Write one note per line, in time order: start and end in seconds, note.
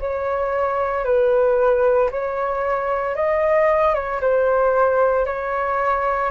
0.00 1.05 C#5
1.05 2.10 B4
2.11 3.15 C#5
3.15 3.94 D#5
3.94 4.21 C#5
4.21 5.26 C5
5.26 6.31 C#5